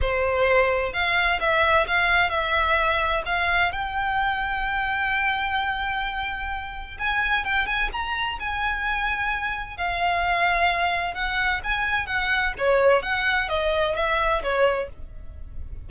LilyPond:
\new Staff \with { instrumentName = "violin" } { \time 4/4 \tempo 4 = 129 c''2 f''4 e''4 | f''4 e''2 f''4 | g''1~ | g''2. gis''4 |
g''8 gis''8 ais''4 gis''2~ | gis''4 f''2. | fis''4 gis''4 fis''4 cis''4 | fis''4 dis''4 e''4 cis''4 | }